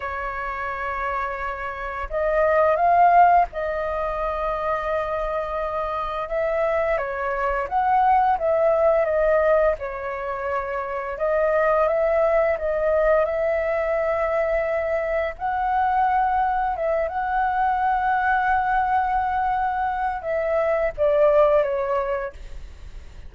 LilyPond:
\new Staff \with { instrumentName = "flute" } { \time 4/4 \tempo 4 = 86 cis''2. dis''4 | f''4 dis''2.~ | dis''4 e''4 cis''4 fis''4 | e''4 dis''4 cis''2 |
dis''4 e''4 dis''4 e''4~ | e''2 fis''2 | e''8 fis''2.~ fis''8~ | fis''4 e''4 d''4 cis''4 | }